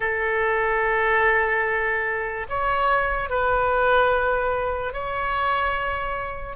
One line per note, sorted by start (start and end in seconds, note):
0.00 2.47 A4
2.49 3.29 C#5
3.29 4.93 B4
4.93 6.56 C#5